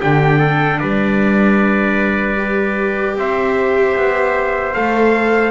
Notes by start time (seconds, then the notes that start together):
0.00 D3 D4 G4 G5
0.39 A4
0.79 G3 B4 D5
2.37 G4
3.16 C4 C5 E5
3.96 B3
4.74 A3 A4 F5